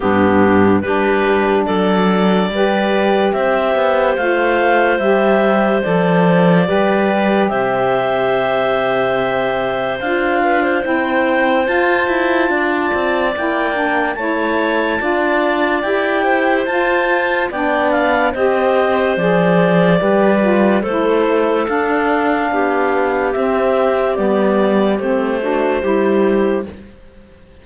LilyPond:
<<
  \new Staff \with { instrumentName = "clarinet" } { \time 4/4 \tempo 4 = 72 g'4 b'4 d''2 | e''4 f''4 e''4 d''4~ | d''4 e''2. | f''4 g''4 a''2 |
g''4 a''2 g''4 | a''4 g''8 f''8 dis''4 d''4~ | d''4 c''4 f''2 | e''4 d''4 c''2 | }
  \new Staff \with { instrumentName = "clarinet" } { \time 4/4 d'4 g'4 a'4 b'4 | c''1 | b'4 c''2.~ | c''8 b'16 c''2~ c''16 d''4~ |
d''4 cis''4 d''4. c''8~ | c''4 d''4 c''2 | b'4 a'2 g'4~ | g'2~ g'8 fis'8 g'4 | }
  \new Staff \with { instrumentName = "saxophone" } { \time 4/4 b4 d'2 g'4~ | g'4 f'4 g'4 a'4 | g'1 | f'4 e'4 f'2 |
e'8 d'8 e'4 f'4 g'4 | f'4 d'4 g'4 gis'4 | g'8 f'8 e'4 d'2 | c'4 b4 c'8 d'8 e'4 | }
  \new Staff \with { instrumentName = "cello" } { \time 4/4 g,4 g4 fis4 g4 | c'8 b8 a4 g4 f4 | g4 c2. | d'4 c'4 f'8 e'8 d'8 c'8 |
ais4 a4 d'4 e'4 | f'4 b4 c'4 f4 | g4 a4 d'4 b4 | c'4 g4 a4 g4 | }
>>